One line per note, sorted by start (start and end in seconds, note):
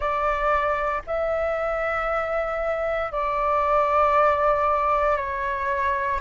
0.00 1.02 D5
1.06 3.12 E5
3.12 5.17 D5
5.17 6.20 C#5